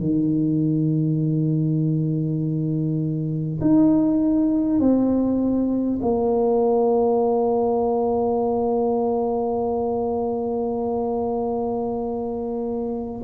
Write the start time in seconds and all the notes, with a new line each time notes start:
0.00 D#3
3.61 D#4
4.80 C4
6.02 A#3